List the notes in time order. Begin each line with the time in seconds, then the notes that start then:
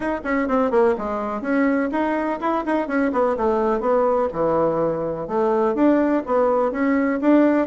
0.00 D#4
0.24 C#4
0.48 C4
0.70 A#3
0.98 G#3
1.41 C#4
1.91 D#4
2.40 E4
2.65 D#4
2.87 C#4
3.12 B3
3.36 A3
3.80 B3
4.32 E3
5.27 A3
5.74 D4
6.25 B3
6.71 C#4
7.21 D4